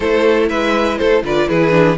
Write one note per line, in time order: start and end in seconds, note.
0.00 0.49 A3
0.00 1.24 E4
0.00 0.49 A4
0.00 0.48 C5
0.49 0.99 G#3
0.49 0.98 B4
0.49 0.97 E5
0.97 1.23 A3
0.97 1.23 A4
0.97 1.22 C5
1.23 1.47 D3
1.23 1.48 F4
1.23 1.49 B4
1.23 1.49 D5
1.48 1.97 E3
1.48 1.70 E4
1.48 1.97 G#4
1.48 1.97 B4
1.70 1.95 D4